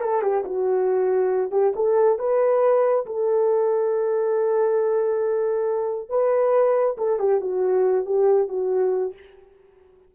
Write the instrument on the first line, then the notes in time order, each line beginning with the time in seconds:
horn
0.00 A4
0.22 G4
0.44 F#4
1.51 G4
1.75 A4
2.19 B4
3.06 A4
6.09 B4
6.97 A4
7.19 G4
7.41 F#4
8.05 G4
8.48 F#4